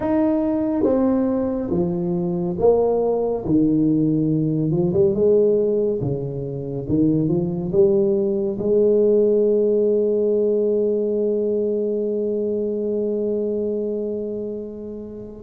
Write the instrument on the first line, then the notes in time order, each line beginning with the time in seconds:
tuba
0.00 D#4
0.83 C4
1.70 F3
2.58 A#3
3.45 D#3
4.71 F3
4.93 G3
5.14 G#3
6.01 C#3
6.88 D#3
7.28 F3
7.71 G3
8.58 G#3